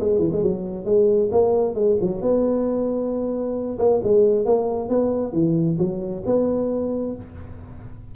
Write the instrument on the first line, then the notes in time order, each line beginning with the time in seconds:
tuba
0.00 G#3
0.19 E3
0.32 G#3
0.43 F#3
0.85 G#3
1.31 A#3
1.75 G#3
2.01 F#3
2.21 B3
3.79 A#3
4.03 G#3
4.46 A#3
4.89 B3
5.33 E3
5.78 F#3
6.26 B3